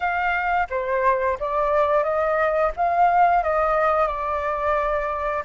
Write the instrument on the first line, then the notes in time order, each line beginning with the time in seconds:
flute
0.00 F5
0.70 C5
1.39 D5
2.03 D#5
2.76 F5
3.43 D#5
4.07 D5